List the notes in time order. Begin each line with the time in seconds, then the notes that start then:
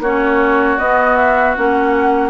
0.00 A#3 C#4 F#4 C#5
0.79 B3 D#5
1.16 E5
1.56 A#3 C#4 F#5